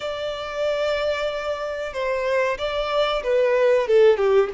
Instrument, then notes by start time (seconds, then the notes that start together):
violin
0.00 D5
1.93 C5
2.58 D5
3.23 B4
3.87 A4
4.17 G4